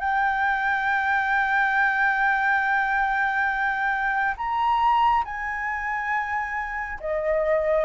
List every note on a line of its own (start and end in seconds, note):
0.00 4.35 G5
4.37 5.24 A#5
5.25 6.98 G#5
7.00 7.85 D#5